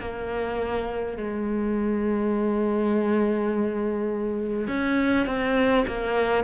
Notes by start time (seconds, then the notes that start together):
0.00 A#3
1.17 G#3
4.67 C#4
5.26 C4
5.87 A#3